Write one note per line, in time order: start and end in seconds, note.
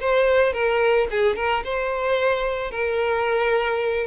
0.00 0.53 C5
0.53 1.07 A#4
1.10 1.36 G#4
1.36 1.63 A#4
1.64 2.71 C5
2.71 4.07 A#4